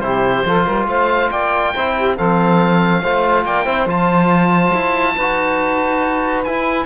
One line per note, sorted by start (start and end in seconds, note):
0.00 0.43 C3
0.00 0.46 E4
0.00 0.47 G4
0.00 0.86 C5
0.46 0.67 F3
0.46 1.75 F4
0.46 0.65 A4
0.65 0.87 G3
0.65 0.87 A#4
0.87 1.30 A3
0.87 1.31 C5
0.87 1.31 F5
1.31 1.75 A#3
1.31 1.74 D5
1.31 2.17 G5
1.74 2.18 C4
1.74 2.17 E4
1.74 1.95 C5
1.96 2.16 G4
2.16 3.03 F3
2.16 3.03 C4
2.16 3.01 A4
2.16 3.46 F5
3.01 3.45 A3
3.01 3.65 F4
3.01 3.44 C5
3.45 3.67 A#3
3.45 3.64 D5
3.45 3.89 G5
3.64 3.86 C4
3.64 3.87 E4
3.64 5.14 C5
3.86 4.72 F3
3.86 5.16 F4
3.86 6.44 A5
4.74 5.17 E4
5.16 6.47 D#4
5.16 6.46 F#4
5.16 6.86 B4
6.44 6.86 E4
6.44 6.86 G#5